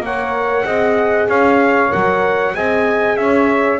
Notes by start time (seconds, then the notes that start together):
0.00 A#3 A#4 C#5 F#5
0.65 C4 G#4 D#5
1.28 C#4 C#5 F5
1.90 F#3 A#4 F#5
2.54 C4 G#4 D#5 G#5
3.17 C#4 C#5 E5